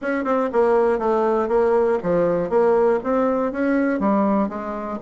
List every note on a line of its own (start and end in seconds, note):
0.01 0.24 C#4
0.24 0.49 C4
0.52 0.99 A#3
0.99 1.48 A3
1.48 1.98 A#3
2.02 2.49 F3
2.49 2.99 A#3
3.03 3.51 C4
3.51 3.99 C#4
3.99 4.48 G3
4.48 4.98 G#3